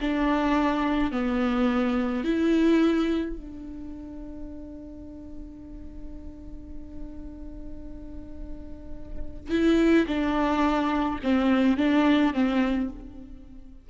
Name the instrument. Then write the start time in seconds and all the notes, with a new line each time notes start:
viola
0.00 D4
1.11 B3
2.24 E4
3.36 D4
9.50 E4
10.07 D4
11.23 C4
11.77 D4
12.33 C4